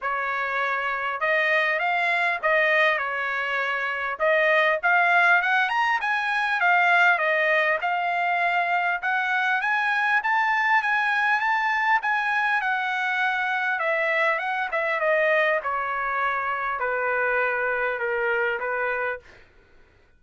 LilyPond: \new Staff \with { instrumentName = "trumpet" } { \time 4/4 \tempo 4 = 100 cis''2 dis''4 f''4 | dis''4 cis''2 dis''4 | f''4 fis''8 ais''8 gis''4 f''4 | dis''4 f''2 fis''4 |
gis''4 a''4 gis''4 a''4 | gis''4 fis''2 e''4 | fis''8 e''8 dis''4 cis''2 | b'2 ais'4 b'4 | }